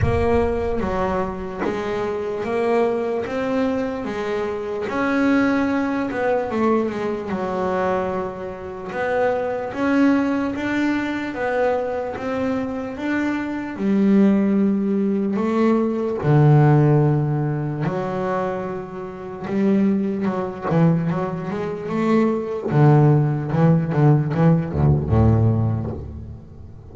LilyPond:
\new Staff \with { instrumentName = "double bass" } { \time 4/4 \tempo 4 = 74 ais4 fis4 gis4 ais4 | c'4 gis4 cis'4. b8 | a8 gis8 fis2 b4 | cis'4 d'4 b4 c'4 |
d'4 g2 a4 | d2 fis2 | g4 fis8 e8 fis8 gis8 a4 | d4 e8 d8 e8 d,8 a,4 | }